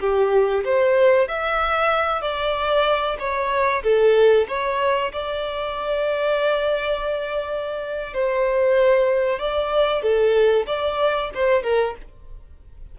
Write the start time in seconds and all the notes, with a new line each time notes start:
0.00 G4
0.64 C5
1.28 E5
2.21 D5
3.19 C#5
3.83 A4
4.48 C#5
5.12 D5
8.14 C5
9.39 D5
10.02 A4
10.66 D5
11.34 C5
11.63 A#4